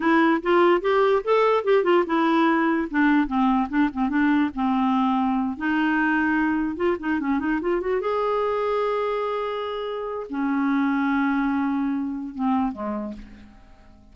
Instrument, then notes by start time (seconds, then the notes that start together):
clarinet
0.00 E4
0.42 F4
0.81 G4
1.24 A4
1.63 G4
1.83 F4
2.06 E4
2.90 D4
3.27 C4
3.69 D4
3.93 C4
4.09 D4
4.54 C4
5.57 D#4
6.76 F4
6.99 D#4
7.19 C#4
7.39 D#4
7.61 F4
7.80 F#4
8.00 G#4
10.29 C#4
12.35 C4
12.72 G#3